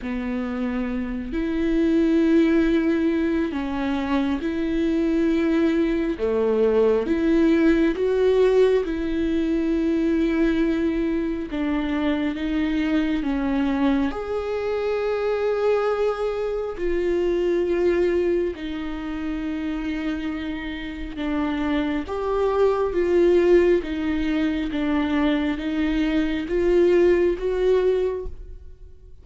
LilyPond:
\new Staff \with { instrumentName = "viola" } { \time 4/4 \tempo 4 = 68 b4. e'2~ e'8 | cis'4 e'2 a4 | e'4 fis'4 e'2~ | e'4 d'4 dis'4 cis'4 |
gis'2. f'4~ | f'4 dis'2. | d'4 g'4 f'4 dis'4 | d'4 dis'4 f'4 fis'4 | }